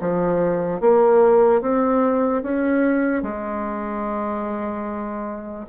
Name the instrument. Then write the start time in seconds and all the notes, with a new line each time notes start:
bassoon
0.00 F3
0.81 A#3
1.61 C4
2.43 C#4
3.22 G#3